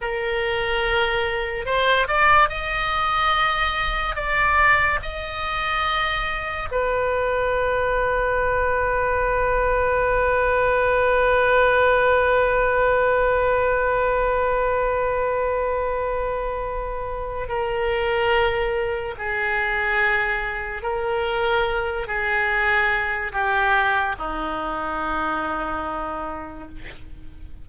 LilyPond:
\new Staff \with { instrumentName = "oboe" } { \time 4/4 \tempo 4 = 72 ais'2 c''8 d''8 dis''4~ | dis''4 d''4 dis''2 | b'1~ | b'1~ |
b'1~ | b'4 ais'2 gis'4~ | gis'4 ais'4. gis'4. | g'4 dis'2. | }